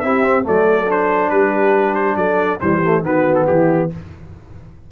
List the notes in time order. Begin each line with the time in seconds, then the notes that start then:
0.00 C4 E4 G4 E5
0.23 C4
0.43 F#3 A3 A4 D5
0.87 D4 C5
1.30 G3 G4 B4
1.95 C5
2.16 F#3 A4 D5
2.60 E3 G3 G4 C5
2.83 A3
3.02 D#3 B3 F#4 B4
3.35 A4
3.47 E3 E4 G4